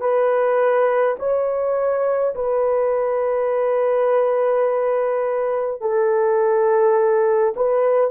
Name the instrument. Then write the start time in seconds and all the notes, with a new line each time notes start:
horn
0.00 B4
1.19 C#5
2.35 B4
5.81 A4
7.56 B4